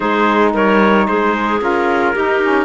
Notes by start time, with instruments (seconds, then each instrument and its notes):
0.00 cello G#3, saxophone D#4, clarinet G#4, trumpet C5
0.53 cello G3, clarinet A#4, trumpet C#5
1.07 cello G#3, clarinet G#4, trumpet C5
1.60 cello C#4, saxophone F4, trumpet A#4
2.13 saxophone D#4, cello D#4, clarinet G4
2.41 saxophone C#4